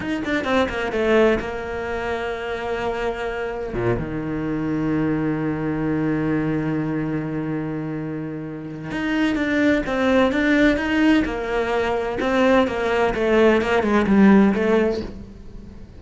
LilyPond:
\new Staff \with { instrumentName = "cello" } { \time 4/4 \tempo 4 = 128 dis'8 d'8 c'8 ais8 a4 ais4~ | ais1 | ais,8 dis2.~ dis8~ | dis1~ |
dis2. dis'4 | d'4 c'4 d'4 dis'4 | ais2 c'4 ais4 | a4 ais8 gis8 g4 a4 | }